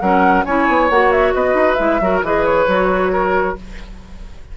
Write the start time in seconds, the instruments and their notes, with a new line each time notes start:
0.00 bassoon F#3, clarinet C#4, oboe A#4, flute F#5
0.45 bassoon C#4, clarinet E4, oboe C#5, flute G#5
0.69 bassoon B3
0.90 bassoon A#3, clarinet F#4, flute F#5
1.12 flute E5
1.34 bassoon B3, oboe B4, flute D#5
1.55 bassoon D#4
1.75 bassoon G#3, clarinet E4, flute E5
2.01 bassoon F#3, clarinet F#4, oboe A#4
2.23 bassoon E3, clarinet G#4, oboe B4, flute D#5
2.46 flute C#5
2.68 bassoon F#3, clarinet F#4
3.13 oboe A#4